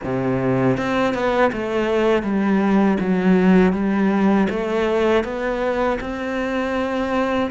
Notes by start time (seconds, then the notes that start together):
0.04 C3
0.77 C4
1.14 B3
1.52 A3
2.22 G3
3.00 F#3
3.72 G3
4.49 A3
5.24 B3
6.00 C4